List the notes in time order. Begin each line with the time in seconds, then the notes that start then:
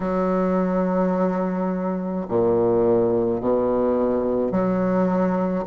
0.00 F#3
2.28 A#2
3.40 B2
4.51 F#3